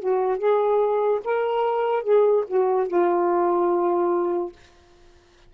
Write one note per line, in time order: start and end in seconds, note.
0.00 0.38 F#4
0.38 1.21 G#4
1.25 2.04 A#4
2.04 2.45 G#4
2.48 2.88 F#4
2.88 4.53 F4